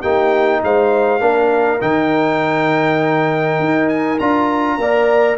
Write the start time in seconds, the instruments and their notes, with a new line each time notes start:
0.00 tuba A#3, trombone D#4, horn G4, trumpet G5
0.63 tuba G#3, horn C5, trumpet F5
1.20 tuba A#3, trombone D4, horn A#4
1.80 tuba D#3, trombone D#4, trumpet G5
3.59 tuba D#4
3.88 trumpet G#5
4.19 tuba D4, trombone F4, trumpet A#5
4.77 tuba A#3, trombone A#4, horn D5